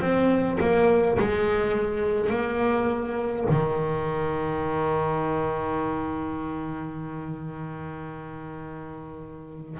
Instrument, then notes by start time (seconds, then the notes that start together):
double bass
0.00 C4
0.60 A#3
1.19 G#3
2.30 A#3
3.49 D#3